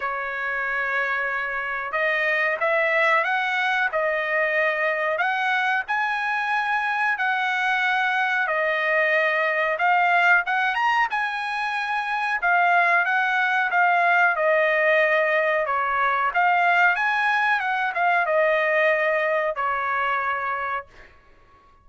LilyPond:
\new Staff \with { instrumentName = "trumpet" } { \time 4/4 \tempo 4 = 92 cis''2. dis''4 | e''4 fis''4 dis''2 | fis''4 gis''2 fis''4~ | fis''4 dis''2 f''4 |
fis''8 ais''8 gis''2 f''4 | fis''4 f''4 dis''2 | cis''4 f''4 gis''4 fis''8 f''8 | dis''2 cis''2 | }